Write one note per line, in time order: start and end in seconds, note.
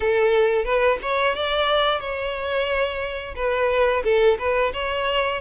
0.00 0.64 A4
0.64 0.98 B4
1.01 1.35 C#5
1.35 2.00 D5
2.00 3.35 C#5
3.35 4.03 B4
4.04 4.38 A4
4.38 4.72 B4
4.73 5.40 C#5